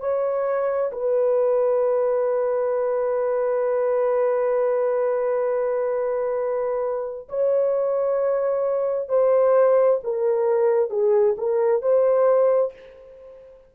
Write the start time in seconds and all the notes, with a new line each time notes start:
0.00 C#5
0.91 B4
7.28 C#5
9.09 C5
10.03 A#4
10.90 G#4
11.37 A#4
11.81 C5